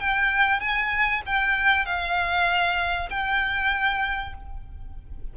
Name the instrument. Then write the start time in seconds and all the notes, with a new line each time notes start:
violin
0.00 G5
0.60 G#5
1.26 G5
1.86 F5
3.10 G5